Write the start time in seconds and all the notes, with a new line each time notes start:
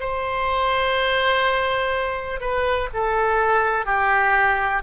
0.00 C5
2.41 B4
2.93 A4
3.86 G4